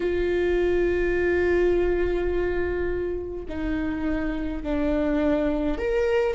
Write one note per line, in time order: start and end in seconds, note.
0.00 3.45 F4
3.48 4.63 D#4
4.63 5.77 D4
5.77 6.34 A#4